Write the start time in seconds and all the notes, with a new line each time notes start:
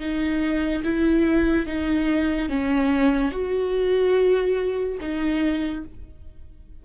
0.00 D#4
0.84 E4
1.66 D#4
2.49 C#4
3.31 F#4
5.01 D#4